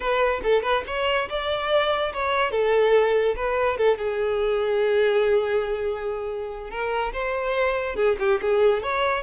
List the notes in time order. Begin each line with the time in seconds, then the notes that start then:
0.00 B4
0.43 A4
0.62 B4
0.87 C#5
1.29 D5
2.13 C#5
2.51 A4
3.35 B4
3.77 A4
3.97 G#4
6.70 A#4
7.13 C5
7.95 G#4
8.19 G4
8.41 G#4
8.82 C#5